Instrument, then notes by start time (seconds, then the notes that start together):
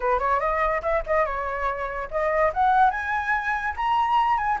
flute
0.00 B4
0.19 C#5
0.40 D#5
0.82 E5
1.06 D#5
1.25 C#5
2.10 D#5
2.53 F#5
2.90 G#5
3.76 A#5
4.37 G#5